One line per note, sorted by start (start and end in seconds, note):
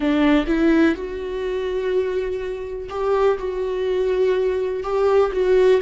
0.00 0.45 D4
0.46 0.95 E4
0.95 2.89 F#4
2.89 3.37 G4
3.38 4.83 F#4
4.83 5.31 G4
5.32 5.80 F#4